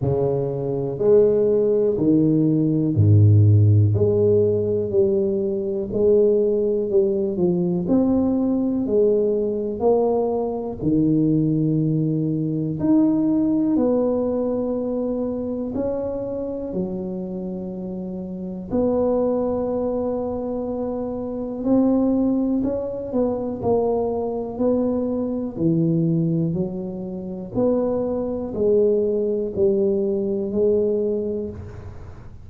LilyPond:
\new Staff \with { instrumentName = "tuba" } { \time 4/4 \tempo 4 = 61 cis4 gis4 dis4 gis,4 | gis4 g4 gis4 g8 f8 | c'4 gis4 ais4 dis4~ | dis4 dis'4 b2 |
cis'4 fis2 b4~ | b2 c'4 cis'8 b8 | ais4 b4 e4 fis4 | b4 gis4 g4 gis4 | }